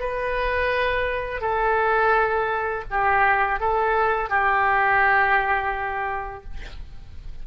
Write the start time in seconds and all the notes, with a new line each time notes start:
0.00 B4
1.41 A4
2.90 G4
3.60 A4
4.29 G4